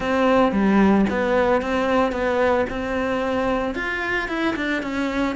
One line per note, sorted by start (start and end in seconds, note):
0.00 0.52 C4
0.52 1.05 G3
1.09 1.61 B3
1.61 2.12 C4
2.12 2.65 B3
2.69 3.75 C4
3.75 4.28 F4
4.28 4.55 E4
4.55 4.82 D4
4.82 5.35 C#4